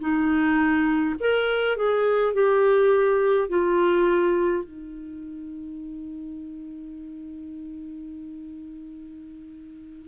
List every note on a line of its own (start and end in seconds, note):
0.00 1.15 D#4
1.20 1.77 A#4
1.77 2.34 G#4
2.34 3.49 G4
3.49 4.64 F4
4.64 10.09 D#4